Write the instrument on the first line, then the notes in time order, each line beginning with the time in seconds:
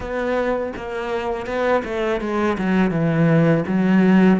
cello
0.00 B3
0.76 A#3
1.46 B3
1.84 A3
2.20 G#3
2.58 F#3
2.90 E3
3.67 F#3